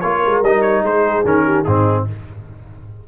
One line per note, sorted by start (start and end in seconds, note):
0.00 0.24 A#3
0.00 0.43 F4
0.00 0.83 A#4
0.00 0.41 C#5
0.25 0.42 G#3
0.42 0.82 G3
0.42 1.25 D#4
0.42 0.61 D#5
0.61 0.82 C#5
0.82 1.23 G#3
0.82 1.44 G#4
0.82 1.26 C5
1.24 1.65 D#3
1.24 1.65 C#4
1.24 1.63 A#4
1.44 1.64 G4
1.63 2.07 G#2
1.63 2.07 C4
1.63 2.04 D#4
1.63 2.04 G#4